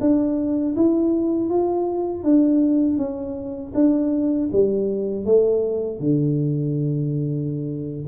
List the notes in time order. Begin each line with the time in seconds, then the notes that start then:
0.00 D4
0.76 E4
1.49 F4
2.23 D4
2.97 C#4
3.74 D4
4.52 G3
5.25 A3
5.99 D3